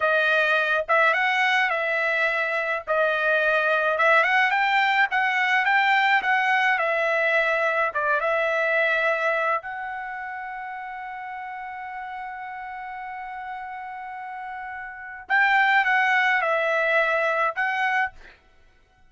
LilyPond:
\new Staff \with { instrumentName = "trumpet" } { \time 4/4 \tempo 4 = 106 dis''4. e''8 fis''4 e''4~ | e''4 dis''2 e''8 fis''8 | g''4 fis''4 g''4 fis''4 | e''2 d''8 e''4.~ |
e''4 fis''2.~ | fis''1~ | fis''2. g''4 | fis''4 e''2 fis''4 | }